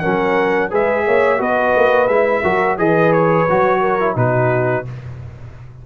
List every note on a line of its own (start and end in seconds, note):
0.00 0.73 F#3
0.00 0.71 C#4
0.00 0.70 A#4
0.00 0.69 F#5
0.71 1.07 G#3
0.71 1.39 G#4
0.71 1.05 B4
0.71 1.42 E5
1.06 1.41 A#3
1.06 1.40 C#5
1.39 1.75 B3
1.39 2.07 F#4
1.39 2.44 B4
1.39 2.08 D#5
1.76 2.08 A#3
2.08 2.42 G#3
2.08 2.44 E4
2.08 2.77 E5
2.44 2.78 F#3
2.44 2.78 F#4
2.44 2.78 A#4
2.78 3.47 E3
2.78 3.47 G#4
2.78 3.81 B4
2.78 3.13 D#5
3.13 4.16 C#5
3.50 4.16 F#3
3.50 4.00 F#4
3.81 4.16 A#4
4.00 4.16 E4
4.16 4.85 B2
4.16 4.85 D#4
4.16 4.85 F#4
4.16 4.86 B4